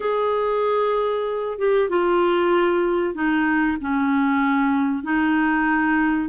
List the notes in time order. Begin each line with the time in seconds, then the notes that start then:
0.00 G#4
1.58 G4
1.89 F4
3.14 D#4
3.80 C#4
5.03 D#4